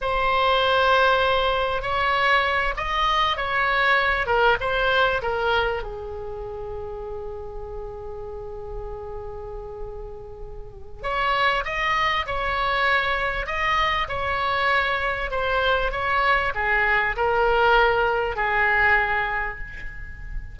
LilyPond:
\new Staff \with { instrumentName = "oboe" } { \time 4/4 \tempo 4 = 98 c''2. cis''4~ | cis''8 dis''4 cis''4. ais'8 c''8~ | c''8 ais'4 gis'2~ gis'8~ | gis'1~ |
gis'2 cis''4 dis''4 | cis''2 dis''4 cis''4~ | cis''4 c''4 cis''4 gis'4 | ais'2 gis'2 | }